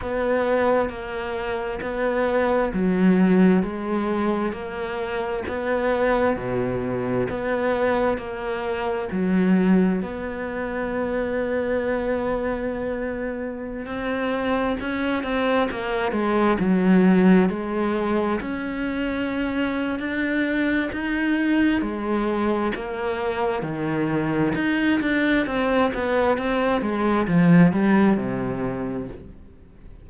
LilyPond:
\new Staff \with { instrumentName = "cello" } { \time 4/4 \tempo 4 = 66 b4 ais4 b4 fis4 | gis4 ais4 b4 b,4 | b4 ais4 fis4 b4~ | b2.~ b16 c'8.~ |
c'16 cis'8 c'8 ais8 gis8 fis4 gis8.~ | gis16 cis'4.~ cis'16 d'4 dis'4 | gis4 ais4 dis4 dis'8 d'8 | c'8 b8 c'8 gis8 f8 g8 c4 | }